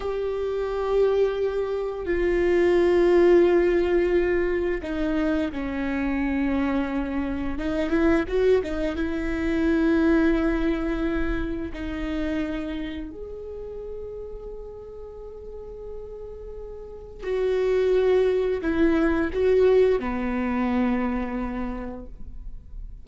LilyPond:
\new Staff \with { instrumentName = "viola" } { \time 4/4 \tempo 4 = 87 g'2. f'4~ | f'2. dis'4 | cis'2. dis'8 e'8 | fis'8 dis'8 e'2.~ |
e'4 dis'2 gis'4~ | gis'1~ | gis'4 fis'2 e'4 | fis'4 b2. | }